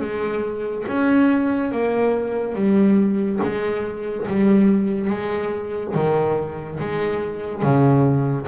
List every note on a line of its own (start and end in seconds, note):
0.00 0.85 G#3
0.87 1.71 C#4
1.71 2.55 A#3
2.55 3.39 G3
3.42 4.27 G#3
4.27 5.10 G3
5.10 5.94 G#3
5.94 6.79 D#3
6.79 7.62 G#3
7.62 8.47 C#3